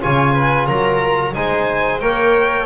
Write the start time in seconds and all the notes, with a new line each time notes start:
0.00 C#3 F4 C#5 G#5
0.32 B4
0.66 F#3 A#4 A#5
1.33 G#3 D#4 C5 G#5
2.00 A#3 A#4 C#5 G5